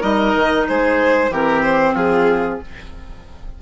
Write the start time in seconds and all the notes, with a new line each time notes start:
0.00 G3 D#4 A#4 D#5
0.34 D#3
0.68 G#3 G#4 C5
1.29 E3 C4 G4 A#4
1.62 C5
1.94 F3 F4 G#4